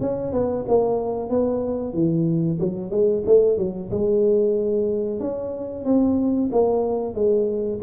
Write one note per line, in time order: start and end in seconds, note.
0.00 0.32 C#4
0.32 0.64 B3
0.68 1.29 A#3
1.29 1.93 B3
1.93 2.58 E3
2.59 2.90 F#3
2.90 3.23 G#3
3.25 3.57 A3
3.57 3.90 F#3
3.90 5.19 G#3
5.19 5.84 C#4
5.84 6.50 C4
6.52 7.14 A#3
7.14 7.79 G#3